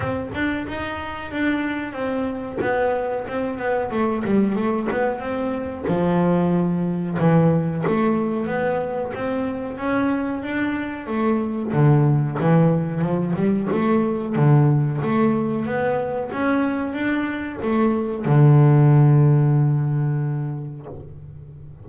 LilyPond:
\new Staff \with { instrumentName = "double bass" } { \time 4/4 \tempo 4 = 92 c'8 d'8 dis'4 d'4 c'4 | b4 c'8 b8 a8 g8 a8 b8 | c'4 f2 e4 | a4 b4 c'4 cis'4 |
d'4 a4 d4 e4 | f8 g8 a4 d4 a4 | b4 cis'4 d'4 a4 | d1 | }